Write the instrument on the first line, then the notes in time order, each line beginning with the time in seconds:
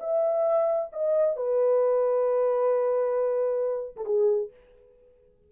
horn
0.00 E5
0.93 D#5
1.37 B4
3.97 A4
4.06 G#4